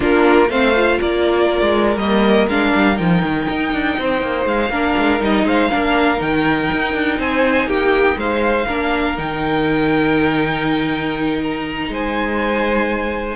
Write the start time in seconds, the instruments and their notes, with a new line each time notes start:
0.00 cello A#3, viola D4, violin F4 A#4
0.49 cello A3, viola C4, violin C5 F5
0.74 viola F4
1.01 cello A#3, violin A#4 D5
1.61 cello G#3
1.96 cello G3, viola A#3, violin D#5
2.48 cello G#3, viola D4, violin F5
2.74 cello G3
2.95 cello F3, viola D#4, violin G5
3.22 cello D#3
3.49 cello D#4
3.73 cello D4
3.98 cello C4, violin C5
4.21 cello A#3
4.45 cello G#3, violin F5
4.69 cello A#3, viola D4, violin A#4
4.97 cello G#3
5.20 cello G3, viola D#4, violin D#5
5.43 cello G#3, violin C5 F5
5.70 cello A#3, viola D4, violin A#4
6.17 cello D#3, viola D#4, violin G5
6.72 cello D#4
6.93 cello D4
7.18 cello C4, violin C5 G#5
7.66 cello A#3, violin G4 G5
8.16 cello G#3, violin C5 F5
8.66 cello A#3, viola D4, violin A#4
9.16 cello D#3, viola D#4, violin G5
11.43 violin A#5
11.88 cello G#3, violin C5 G#5